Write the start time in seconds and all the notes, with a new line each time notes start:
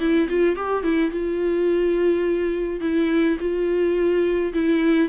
0.00 E4
0.29 F4
0.56 G4
0.83 E4
1.11 F4
2.81 E4
3.40 F4
4.54 E4